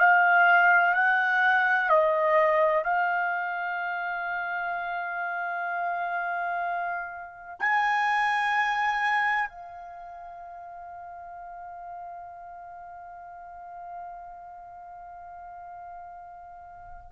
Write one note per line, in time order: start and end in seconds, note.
0.00 0.94 F5
0.94 1.90 F#5
1.90 2.84 D#5
2.84 7.60 F5
7.60 9.49 G#5
9.49 17.11 F5